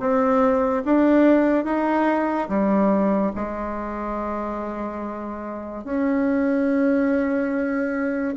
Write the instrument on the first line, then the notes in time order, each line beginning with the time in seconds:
bassoon
0.00 C4
0.85 D4
1.65 D#4
2.48 G3
3.35 G#3
5.84 C#4